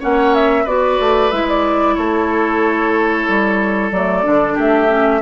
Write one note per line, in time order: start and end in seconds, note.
0.00 0.66 A#3
0.00 0.65 C#4
0.00 0.64 C#5
0.00 0.35 F#5
0.35 0.67 E5
0.64 0.99 B3
0.64 1.32 F#4
0.64 1.95 B4
0.64 1.31 D5
1.00 1.32 A3
1.31 1.97 G#3
1.31 3.93 E4
1.31 1.47 E5
1.49 1.95 D5
1.95 3.28 A3
1.95 4.54 A4
1.95 3.91 C#5
3.29 3.92 G3
3.92 4.24 F#3
3.92 4.23 A3
3.92 4.58 D5
4.23 4.58 D3
4.23 4.88 D4
4.54 5.22 A3
4.54 5.20 G4
4.54 5.22 E5
4.88 5.21 C#4